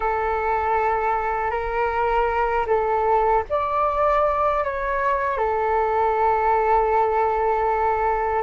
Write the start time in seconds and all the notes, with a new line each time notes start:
0.00 A4
1.50 A#4
2.66 A4
3.49 D5
4.64 C#5
5.37 A4